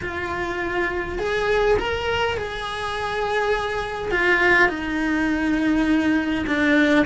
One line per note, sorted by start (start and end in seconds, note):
0.01 1.18 F4
1.18 1.77 G#4
1.78 2.37 A#4
2.37 4.11 G#4
4.11 4.68 F4
4.68 6.45 D#4
6.46 7.05 D4